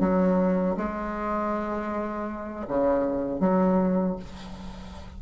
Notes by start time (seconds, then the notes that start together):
0.00 F#3
0.77 G#3
2.68 C#3
3.40 F#3